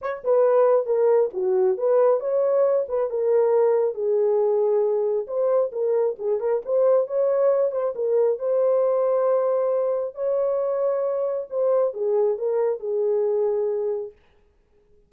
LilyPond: \new Staff \with { instrumentName = "horn" } { \time 4/4 \tempo 4 = 136 cis''8 b'4. ais'4 fis'4 | b'4 cis''4. b'8 ais'4~ | ais'4 gis'2. | c''4 ais'4 gis'8 ais'8 c''4 |
cis''4. c''8 ais'4 c''4~ | c''2. cis''4~ | cis''2 c''4 gis'4 | ais'4 gis'2. | }